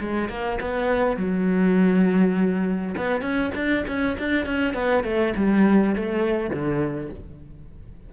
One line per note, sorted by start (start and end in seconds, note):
0.00 0.29 G#3
0.29 0.59 A#3
0.60 1.17 B3
1.17 2.95 F#3
2.97 3.21 B3
3.21 3.51 C#4
3.55 3.85 D4
3.87 4.17 C#4
4.18 4.46 D4
4.46 4.74 C#4
4.74 5.04 B3
5.04 5.34 A3
5.36 5.95 G3
5.95 6.50 A3
6.50 7.10 D3